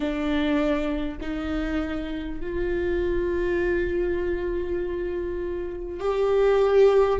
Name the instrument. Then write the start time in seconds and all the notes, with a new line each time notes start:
viola
0.00 D4
1.21 D#4
2.40 F4
6.00 G4